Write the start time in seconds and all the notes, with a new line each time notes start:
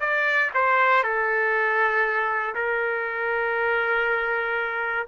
0.00 D5
0.54 C5
1.03 A4
2.55 A#4